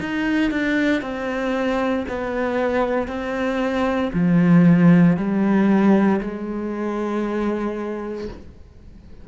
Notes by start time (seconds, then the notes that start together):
0.00 D#4
0.51 D4
1.02 C4
2.09 B3
3.08 C4
4.14 F3
5.17 G3
6.21 G#3